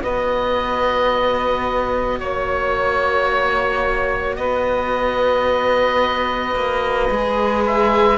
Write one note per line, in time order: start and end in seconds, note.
0.00 2.21 B3
0.00 7.09 F#4
0.00 2.20 B4
0.00 2.19 D#5
2.19 4.37 A#3
2.19 4.36 C#5
2.19 4.37 C#5
4.36 6.55 B3
4.36 8.17 B4
4.36 7.63 D#5
6.55 7.09 A#3
7.10 8.17 G#3
7.10 8.17 G#4
7.66 8.17 E5